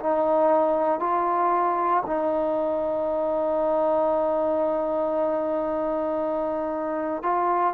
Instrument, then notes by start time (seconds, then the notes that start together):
trombone
0.00 D#4
1.00 F4
2.06 D#4
7.23 F4